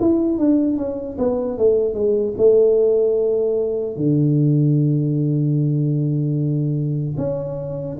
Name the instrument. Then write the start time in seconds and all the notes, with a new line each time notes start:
tuba
0.00 E4
0.38 D4
0.77 C#4
1.19 B3
1.58 A3
1.94 G#3
2.37 A3
3.96 D3
7.17 C#4